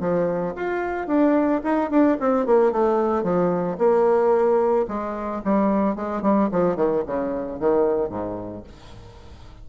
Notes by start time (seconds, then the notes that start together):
0.00 F3
0.56 F4
1.07 D4
1.64 D#4
1.90 D4
2.20 C4
2.46 A#3
2.72 A3
3.23 F3
3.78 A#3
4.88 G#3
5.44 G3
5.96 G#3
6.22 G3
6.52 F3
6.76 D#3
7.07 C#3
7.60 D#3
8.10 G#2